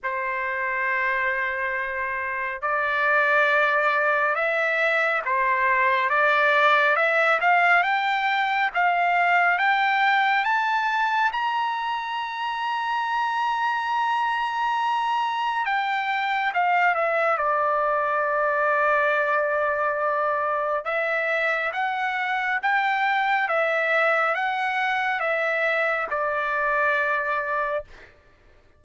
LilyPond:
\new Staff \with { instrumentName = "trumpet" } { \time 4/4 \tempo 4 = 69 c''2. d''4~ | d''4 e''4 c''4 d''4 | e''8 f''8 g''4 f''4 g''4 | a''4 ais''2.~ |
ais''2 g''4 f''8 e''8 | d''1 | e''4 fis''4 g''4 e''4 | fis''4 e''4 d''2 | }